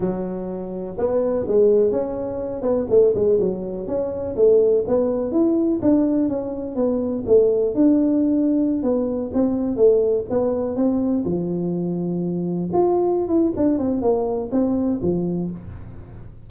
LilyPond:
\new Staff \with { instrumentName = "tuba" } { \time 4/4 \tempo 4 = 124 fis2 b4 gis4 | cis'4. b8 a8 gis8 fis4 | cis'4 a4 b4 e'4 | d'4 cis'4 b4 a4 |
d'2~ d'16 b4 c'8.~ | c'16 a4 b4 c'4 f8.~ | f2~ f16 f'4~ f'16 e'8 | d'8 c'8 ais4 c'4 f4 | }